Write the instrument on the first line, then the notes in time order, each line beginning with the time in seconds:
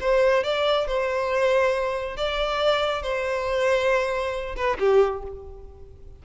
violin
0.00 C5
0.43 D5
0.87 C5
2.16 D5
3.02 C5
4.56 B4
4.79 G4